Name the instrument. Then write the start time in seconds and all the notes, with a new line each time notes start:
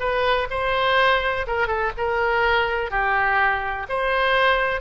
oboe
0.00 B4
0.50 C5
1.47 A#4
1.68 A4
1.98 A#4
2.91 G4
3.89 C5